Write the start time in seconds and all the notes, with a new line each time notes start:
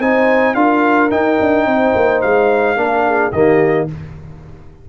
0.00 C4 D#4 C5 G#5
0.55 D4 F4 A#4 F5
1.11 D#4 G5
1.41 D4
1.66 C4 C5
1.95 A#3
2.22 G#3 F5
2.77 A#3 D4 A#4
3.07 G#4
3.32 D#3 A#3 G4 D#5